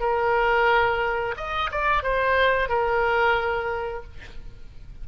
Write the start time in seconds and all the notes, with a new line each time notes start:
0.00 A#4
1.37 D#5
1.71 D5
2.03 C5
2.69 A#4